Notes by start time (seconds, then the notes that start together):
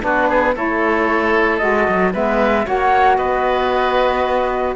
0.00 B3 D4 F#4 B4
0.28 G#4
0.54 A3 E4 A4 C#5
1.58 G#3 F#4 D#5
1.88 F#3
2.12 G#3 B3 B4 E5
2.65 A#3 F#4 C#5 F#5
3.17 B3 B4 D#5